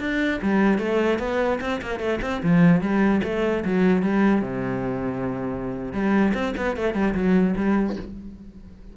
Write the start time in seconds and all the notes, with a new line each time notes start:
0.00 D4
0.42 G3
0.79 A3
1.19 B3
1.61 C4
1.82 A#3
2.00 A3
2.22 C4
2.43 F3
2.81 G3
3.24 A3
3.65 F#3
4.03 G3
4.42 C3
5.93 G3
6.34 C4
6.57 B3
6.77 A3
6.94 G3
7.15 F#3
7.56 G3